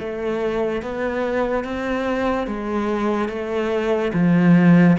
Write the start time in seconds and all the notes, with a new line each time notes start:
0.00 A3
0.83 B3
1.64 C4
2.47 G#3
3.29 A3
4.14 F3